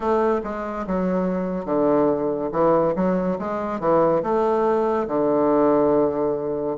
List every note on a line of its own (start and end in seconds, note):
0.00 0.41 A3
0.43 0.86 G#3
0.86 1.65 F#3
1.65 2.49 D3
2.52 2.94 E3
2.95 3.38 F#3
3.38 3.80 G#3
3.80 4.22 E3
4.23 5.07 A3
5.07 6.76 D3